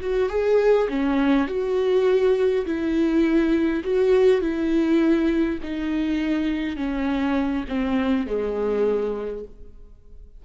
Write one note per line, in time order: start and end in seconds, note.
0.00 0.29 F#4
0.29 0.88 G#4
0.89 1.47 C#4
1.47 2.65 F#4
2.65 3.83 E4
3.84 4.41 F#4
4.41 5.59 E4
5.63 6.76 D#4
6.76 7.64 C#4
7.68 8.26 C4
8.26 9.44 G#3